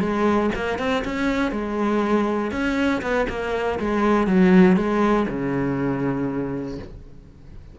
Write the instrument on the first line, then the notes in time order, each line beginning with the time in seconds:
cello
0.00 G#3
0.55 A#3
0.79 C4
1.05 C#4
1.52 G#3
2.52 C#4
3.02 B3
3.29 A#3
3.80 G#3
4.27 F#3
4.77 G#3
5.29 C#3